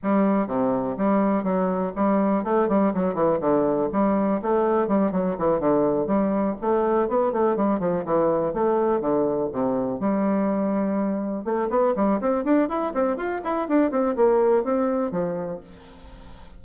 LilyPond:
\new Staff \with { instrumentName = "bassoon" } { \time 4/4 \tempo 4 = 123 g4 c4 g4 fis4 | g4 a8 g8 fis8 e8 d4 | g4 a4 g8 fis8 e8 d8~ | d8 g4 a4 b8 a8 g8 |
f8 e4 a4 d4 c8~ | c8 g2. a8 | b8 g8 c'8 d'8 e'8 c'8 f'8 e'8 | d'8 c'8 ais4 c'4 f4 | }